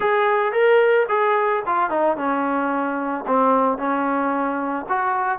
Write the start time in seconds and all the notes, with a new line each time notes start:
0.00 G#4
0.52 A#4
1.08 G#4
1.66 F4
1.90 D#4
2.16 C#4
3.27 C4
3.77 C#4
4.88 F#4